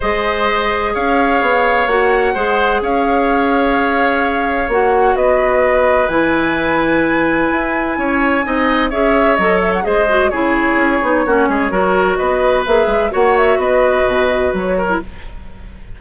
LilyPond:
<<
  \new Staff \with { instrumentName = "flute" } { \time 4/4 \tempo 4 = 128 dis''2 f''2 | fis''2 f''2~ | f''2 fis''4 dis''4~ | dis''4 gis''2.~ |
gis''2. e''4 | dis''8 e''16 fis''16 dis''4 cis''2~ | cis''2 dis''4 e''4 | fis''8 e''8 dis''2 cis''4 | }
  \new Staff \with { instrumentName = "oboe" } { \time 4/4 c''2 cis''2~ | cis''4 c''4 cis''2~ | cis''2. b'4~ | b'1~ |
b'4 cis''4 dis''4 cis''4~ | cis''4 c''4 gis'2 | fis'8 gis'8 ais'4 b'2 | cis''4 b'2~ b'8 ais'8 | }
  \new Staff \with { instrumentName = "clarinet" } { \time 4/4 gis'1 | fis'4 gis'2.~ | gis'2 fis'2~ | fis'4 e'2.~ |
e'2 dis'4 gis'4 | a'4 gis'8 fis'8 e'4. dis'8 | cis'4 fis'2 gis'4 | fis'2.~ fis'8. e'16 | }
  \new Staff \with { instrumentName = "bassoon" } { \time 4/4 gis2 cis'4 b4 | ais4 gis4 cis'2~ | cis'2 ais4 b4~ | b4 e2. |
e'4 cis'4 c'4 cis'4 | fis4 gis4 cis4 cis'8 b8 | ais8 gis8 fis4 b4 ais8 gis8 | ais4 b4 b,4 fis4 | }
>>